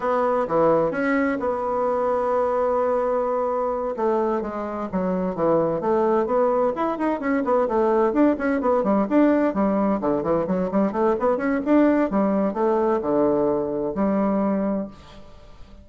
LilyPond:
\new Staff \with { instrumentName = "bassoon" } { \time 4/4 \tempo 4 = 129 b4 e4 cis'4 b4~ | b1~ | b8 a4 gis4 fis4 e8~ | e8 a4 b4 e'8 dis'8 cis'8 |
b8 a4 d'8 cis'8 b8 g8 d'8~ | d'8 g4 d8 e8 fis8 g8 a8 | b8 cis'8 d'4 g4 a4 | d2 g2 | }